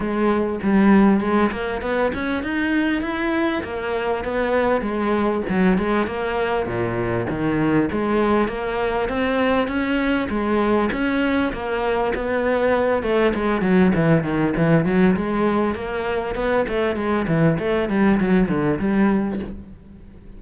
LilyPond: \new Staff \with { instrumentName = "cello" } { \time 4/4 \tempo 4 = 99 gis4 g4 gis8 ais8 b8 cis'8 | dis'4 e'4 ais4 b4 | gis4 fis8 gis8 ais4 ais,4 | dis4 gis4 ais4 c'4 |
cis'4 gis4 cis'4 ais4 | b4. a8 gis8 fis8 e8 dis8 | e8 fis8 gis4 ais4 b8 a8 | gis8 e8 a8 g8 fis8 d8 g4 | }